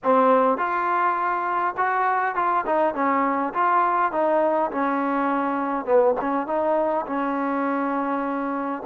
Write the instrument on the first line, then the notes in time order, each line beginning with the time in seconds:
trombone
0.03 C4
0.57 F4
1.77 F#4
2.35 F4
2.66 D#4
2.94 C#4
3.53 F4
4.11 D#4
4.71 C#4
5.85 B3
6.20 C#4
6.46 D#4
7.06 C#4